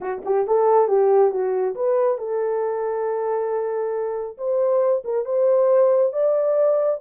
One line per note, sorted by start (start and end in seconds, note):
0.00 0.22 F#4
0.25 0.47 G4
0.47 0.88 A4
0.88 1.31 G4
1.31 1.74 F#4
1.75 2.18 B4
2.18 4.37 A4
4.37 5.03 C5
5.04 5.25 A#4
5.25 6.12 C5
6.13 7.00 D5